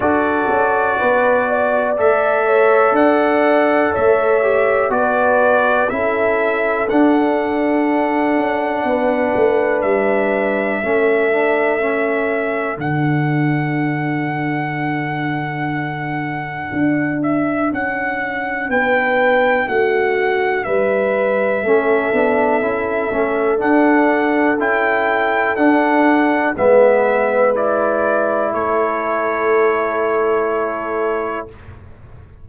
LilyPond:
<<
  \new Staff \with { instrumentName = "trumpet" } { \time 4/4 \tempo 4 = 61 d''2 e''4 fis''4 | e''4 d''4 e''4 fis''4~ | fis''2 e''2~ | e''4 fis''2.~ |
fis''4. e''8 fis''4 g''4 | fis''4 e''2. | fis''4 g''4 fis''4 e''4 | d''4 cis''2. | }
  \new Staff \with { instrumentName = "horn" } { \time 4/4 a'4 b'8 d''4 cis''8 d''4 | cis''4 b'4 a'2~ | a'4 b'2 a'4~ | a'1~ |
a'2. b'4 | fis'4 b'4 a'2~ | a'2. b'4~ | b'4 a'2. | }
  \new Staff \with { instrumentName = "trombone" } { \time 4/4 fis'2 a'2~ | a'8 g'8 fis'4 e'4 d'4~ | d'2. cis'8 d'8 | cis'4 d'2.~ |
d'1~ | d'2 cis'8 d'8 e'8 cis'8 | d'4 e'4 d'4 b4 | e'1 | }
  \new Staff \with { instrumentName = "tuba" } { \time 4/4 d'8 cis'8 b4 a4 d'4 | a4 b4 cis'4 d'4~ | d'8 cis'8 b8 a8 g4 a4~ | a4 d2.~ |
d4 d'4 cis'4 b4 | a4 g4 a8 b8 cis'8 a8 | d'4 cis'4 d'4 gis4~ | gis4 a2. | }
>>